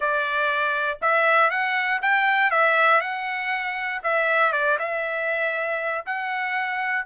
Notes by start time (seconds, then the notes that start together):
0.00 D5
1.01 E5
1.50 F#5
2.02 G5
2.50 E5
3.00 F#5
4.03 E5
4.52 D5
4.78 E5
6.06 F#5